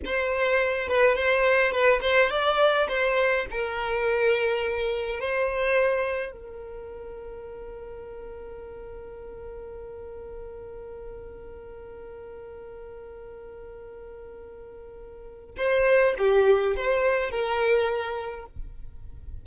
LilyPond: \new Staff \with { instrumentName = "violin" } { \time 4/4 \tempo 4 = 104 c''4. b'8 c''4 b'8 c''8 | d''4 c''4 ais'2~ | ais'4 c''2 ais'4~ | ais'1~ |
ais'1~ | ais'1~ | ais'2. c''4 | g'4 c''4 ais'2 | }